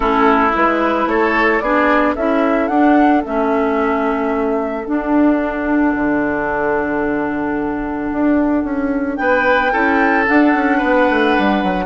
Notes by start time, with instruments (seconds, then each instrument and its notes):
0.00 bassoon A3, clarinet C#4, oboe E4, flute A4
0.54 bassoon G#3, clarinet E4, flute B4
1.06 bassoon A3, oboe A4, flute C#5
1.59 bassoon B3, clarinet D4, oboe G#4, flute D5
2.15 bassoon C#4, clarinet E4, oboe A4, flute E5
2.67 bassoon D4, clarinet D4, flute F#5
3.24 bassoon A3, clarinet C#4, flute E5
4.84 clarinet D4, bassoon D4, flute F#5
5.94 bassoon D3
8.12 bassoon D4
8.64 bassoon C#4
9.16 bassoon B3, oboe B4, flute G5
9.72 bassoon C#4, clarinet E4, oboe A4
10.26 clarinet D4, bassoon D4, flute F#5
10.54 bassoon C#4
10.77 bassoon B3, oboe B4
11.09 bassoon A3
11.38 bassoon G3
11.63 bassoon F#3